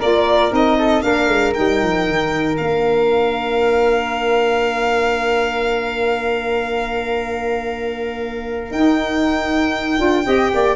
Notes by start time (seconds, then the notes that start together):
0.00 A#3 F4 A#4 D5
0.51 C4 D#4 D#5
0.78 A4
1.02 A#3 D4 A#4 F5
1.28 G#3
1.54 G3 D#4 G5
1.83 F3
2.08 D#3
2.55 A#3 D4 F5
8.71 D#4 G5
9.98 D4 F4
10.25 C4 G4 D#5
10.54 A#3 D5